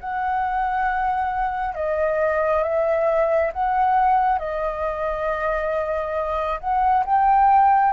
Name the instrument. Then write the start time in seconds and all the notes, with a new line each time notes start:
flute
0.00 F#5
1.75 D#5
2.63 E5
3.53 F#5
4.39 D#5
6.60 F#5
7.05 G5